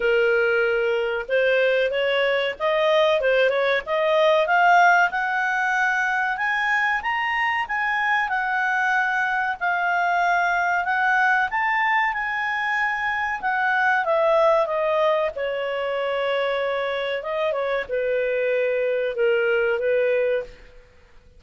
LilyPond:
\new Staff \with { instrumentName = "clarinet" } { \time 4/4 \tempo 4 = 94 ais'2 c''4 cis''4 | dis''4 c''8 cis''8 dis''4 f''4 | fis''2 gis''4 ais''4 | gis''4 fis''2 f''4~ |
f''4 fis''4 a''4 gis''4~ | gis''4 fis''4 e''4 dis''4 | cis''2. dis''8 cis''8 | b'2 ais'4 b'4 | }